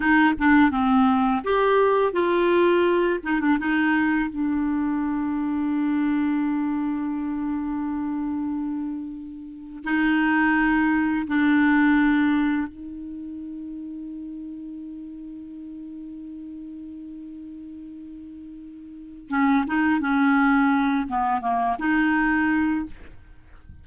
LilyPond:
\new Staff \with { instrumentName = "clarinet" } { \time 4/4 \tempo 4 = 84 dis'8 d'8 c'4 g'4 f'4~ | f'8 dis'16 d'16 dis'4 d'2~ | d'1~ | d'4.~ d'16 dis'2 d'16~ |
d'4.~ d'16 dis'2~ dis'16~ | dis'1~ | dis'2. cis'8 dis'8 | cis'4. b8 ais8 dis'4. | }